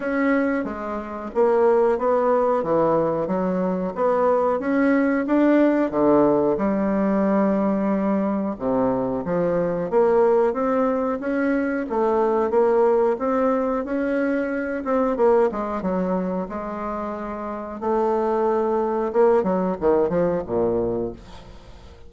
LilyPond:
\new Staff \with { instrumentName = "bassoon" } { \time 4/4 \tempo 4 = 91 cis'4 gis4 ais4 b4 | e4 fis4 b4 cis'4 | d'4 d4 g2~ | g4 c4 f4 ais4 |
c'4 cis'4 a4 ais4 | c'4 cis'4. c'8 ais8 gis8 | fis4 gis2 a4~ | a4 ais8 fis8 dis8 f8 ais,4 | }